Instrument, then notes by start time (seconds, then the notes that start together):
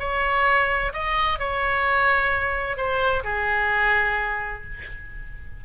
oboe
0.00 C#5
0.93 D#5
1.40 C#5
2.78 C5
3.25 G#4